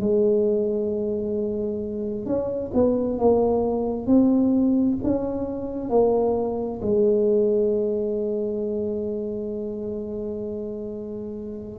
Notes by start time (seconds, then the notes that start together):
0.00 G#3
2.26 C#4
2.74 B3
3.18 A#3
4.07 C4
5.03 C#4
5.89 A#3
6.82 G#3